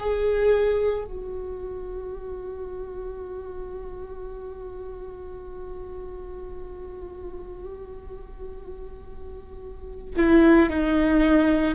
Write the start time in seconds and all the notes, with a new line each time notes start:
0.00 G#4
1.05 F#4
10.16 E4
10.69 D#4